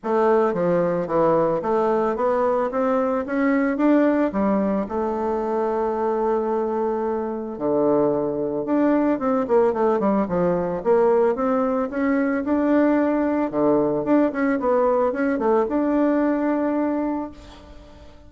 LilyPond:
\new Staff \with { instrumentName = "bassoon" } { \time 4/4 \tempo 4 = 111 a4 f4 e4 a4 | b4 c'4 cis'4 d'4 | g4 a2.~ | a2 d2 |
d'4 c'8 ais8 a8 g8 f4 | ais4 c'4 cis'4 d'4~ | d'4 d4 d'8 cis'8 b4 | cis'8 a8 d'2. | }